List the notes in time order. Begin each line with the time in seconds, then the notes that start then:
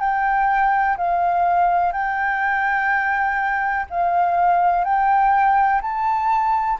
0.00 G5
0.97 F5
1.92 G5
3.90 F5
4.84 G5
5.81 A5